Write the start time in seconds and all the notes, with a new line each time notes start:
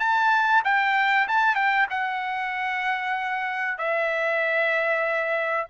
0.00 A5
0.65 G5
1.28 A5
1.56 G5
1.90 F#5
3.78 E5